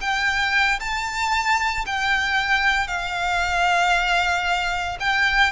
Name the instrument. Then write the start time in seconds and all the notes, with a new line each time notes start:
violin
0.00 G5
0.79 A5
1.86 G5
2.87 F5
5.00 G5